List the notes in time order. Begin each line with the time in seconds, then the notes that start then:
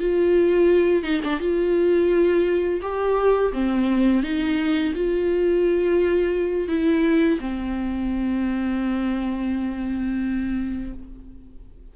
0.00 F4
1.04 D#4
1.24 D4
1.40 F4
2.82 G4
3.53 C4
4.23 D#4
4.95 F4
6.69 E4
7.40 C4